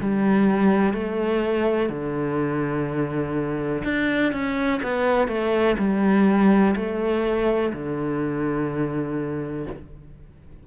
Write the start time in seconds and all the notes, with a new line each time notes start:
0.00 G3
0.93 A3
1.89 D3
3.84 D4
4.32 C#4
4.82 B3
5.28 A3
5.78 G3
6.76 A3
7.72 D3